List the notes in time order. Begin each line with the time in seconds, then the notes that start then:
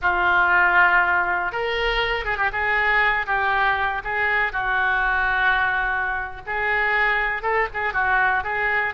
0.01 F4
1.52 A#4
2.24 G#4
2.37 G4
2.52 G#4
3.26 G4
4.03 G#4
4.52 F#4
6.46 G#4
7.42 A4
7.73 G#4
7.93 F#4
8.43 G#4